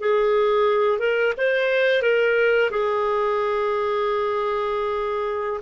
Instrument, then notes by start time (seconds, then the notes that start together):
clarinet
0.00 G#4
0.99 A#4
1.38 C5
2.02 A#4
2.71 G#4